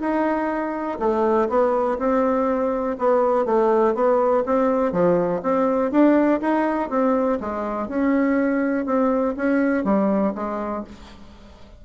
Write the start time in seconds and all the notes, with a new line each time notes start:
0.00 D#4
0.99 A3
1.49 B3
1.98 C4
2.98 B3
3.45 A3
3.94 B3
4.46 C4
4.92 F3
5.42 C4
5.91 D4
6.41 D#4
6.89 C4
7.40 G#3
7.88 C#4
8.86 C4
9.36 C#4
9.84 G3
10.35 G#3